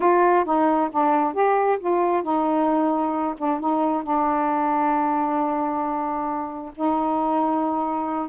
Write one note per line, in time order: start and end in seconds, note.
0.00 0.44 F4
0.45 0.89 D#4
0.91 1.33 D4
1.33 1.78 G4
1.79 2.22 F4
2.22 3.34 D#4
3.37 3.60 D4
3.60 4.03 D#4
4.03 6.72 D4
6.75 8.28 D#4